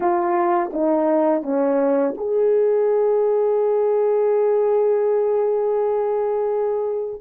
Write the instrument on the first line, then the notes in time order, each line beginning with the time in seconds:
horn
0.00 F4
0.72 D#4
1.42 C#4
2.17 G#4